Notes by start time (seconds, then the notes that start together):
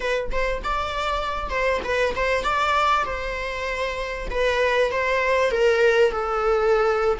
0.00 B4
0.31 C5
0.63 D5
1.49 C5
1.84 B4
2.15 C5
2.43 D5
3.05 C5
4.30 B4
4.91 C5
5.50 A#4
6.11 A4